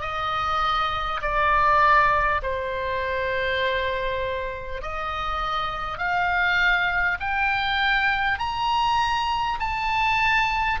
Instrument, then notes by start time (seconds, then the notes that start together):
oboe
0.00 D#5
1.21 D5
2.42 C5
4.82 D#5
5.97 F5
7.19 G5
8.38 A#5
9.59 A5